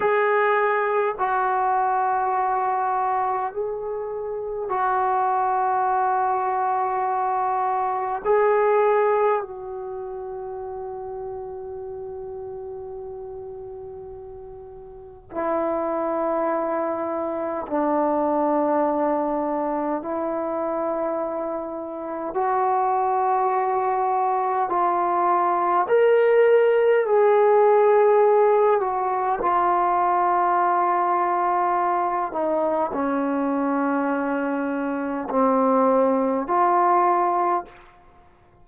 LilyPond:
\new Staff \with { instrumentName = "trombone" } { \time 4/4 \tempo 4 = 51 gis'4 fis'2 gis'4 | fis'2. gis'4 | fis'1~ | fis'4 e'2 d'4~ |
d'4 e'2 fis'4~ | fis'4 f'4 ais'4 gis'4~ | gis'8 fis'8 f'2~ f'8 dis'8 | cis'2 c'4 f'4 | }